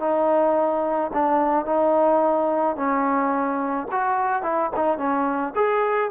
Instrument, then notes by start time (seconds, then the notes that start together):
trombone
0.00 D#4
1.14 D4
1.66 D#4
2.77 C#4
3.92 F#4
4.43 E4
4.77 D#4
4.98 C#4
5.56 G#4